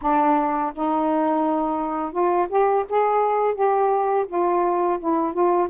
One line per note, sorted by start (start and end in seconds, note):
0.01 0.73 D4
0.74 2.11 D#4
2.11 2.47 F4
2.49 2.85 G4
2.89 3.54 G#4
3.54 4.26 G4
4.28 4.99 F4
4.99 5.33 E4
5.33 5.69 F4